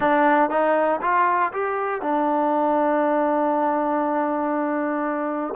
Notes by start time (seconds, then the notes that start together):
0.00 D4
0.50 D#4
1.01 F4
1.52 G4
2.01 D4